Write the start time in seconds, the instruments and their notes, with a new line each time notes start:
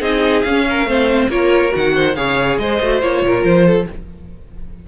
0.00 cello C4, viola D#4, violin G#4 D#5
0.41 cello C#4, violin F5
0.48 viola C#4
0.69 violin A#4
0.84 cello A3, viola C4, violin C5
1.29 cello A#3, viola F4, violin A#4 C#5
1.69 viola F#4
1.75 cello D#3, violin F#5
1.95 violin C5
2.15 cello C#3, viola G#4, violin C#5 F5
2.58 cello G#3, violin C5 D#5
2.81 cello A3, viola F#4
3.01 cello A#3, viola F4, violin C#5
3.22 cello A#2, violin A#4
3.44 cello F3, violin C5
3.66 violin A4